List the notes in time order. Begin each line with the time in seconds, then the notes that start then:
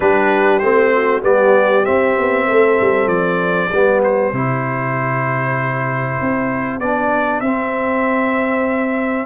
0.00 G3 D4 G4 B4
0.59 A3 C4 C5
0.95 F#4
1.22 G3 B3 G4 D5
1.84 C4 E5
2.17 B3
2.47 A3 A4
2.81 G3
3.07 F3 D5
3.71 G3 B3 G4
4.03 C5
4.32 C3 E4
6.20 C4
6.79 B3 D4 D5
7.40 C4 E5